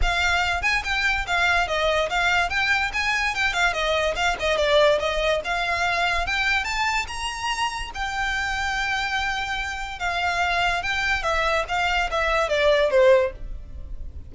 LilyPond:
\new Staff \with { instrumentName = "violin" } { \time 4/4 \tempo 4 = 144 f''4. gis''8 g''4 f''4 | dis''4 f''4 g''4 gis''4 | g''8 f''8 dis''4 f''8 dis''8 d''4 | dis''4 f''2 g''4 |
a''4 ais''2 g''4~ | g''1 | f''2 g''4 e''4 | f''4 e''4 d''4 c''4 | }